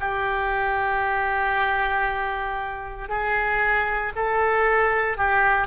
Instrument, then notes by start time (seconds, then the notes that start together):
oboe
0.00 G4
3.09 G#4
4.16 A4
5.18 G4